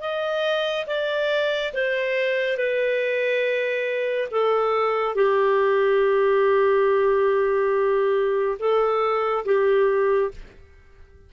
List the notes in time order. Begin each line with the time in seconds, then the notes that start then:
0.00 D#5
0.86 D5
1.73 C5
2.57 B4
4.31 A4
5.15 G4
8.59 A4
9.45 G4